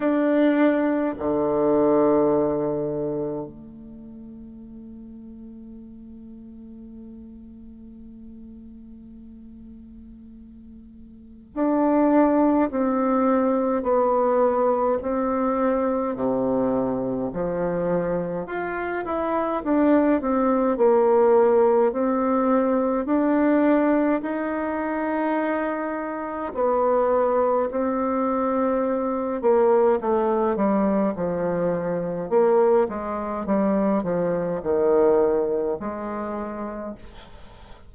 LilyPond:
\new Staff \with { instrumentName = "bassoon" } { \time 4/4 \tempo 4 = 52 d'4 d2 a4~ | a1~ | a2 d'4 c'4 | b4 c'4 c4 f4 |
f'8 e'8 d'8 c'8 ais4 c'4 | d'4 dis'2 b4 | c'4. ais8 a8 g8 f4 | ais8 gis8 g8 f8 dis4 gis4 | }